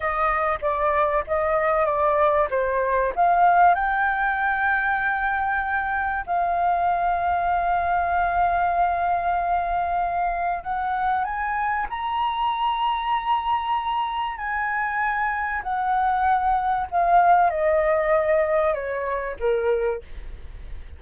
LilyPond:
\new Staff \with { instrumentName = "flute" } { \time 4/4 \tempo 4 = 96 dis''4 d''4 dis''4 d''4 | c''4 f''4 g''2~ | g''2 f''2~ | f''1~ |
f''4 fis''4 gis''4 ais''4~ | ais''2. gis''4~ | gis''4 fis''2 f''4 | dis''2 cis''4 ais'4 | }